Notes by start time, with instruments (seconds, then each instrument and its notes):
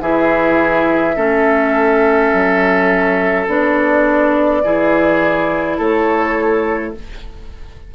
0.00 bassoon E3, clarinet E4, oboe G#4, flute E5
1.15 bassoon A3, clarinet C#4, oboe A4
2.33 bassoon F#3
3.47 bassoon B3, clarinet D4, flute D5
4.63 bassoon E3, clarinet E4, oboe G#4
5.77 bassoon A3, oboe A4, flute C#5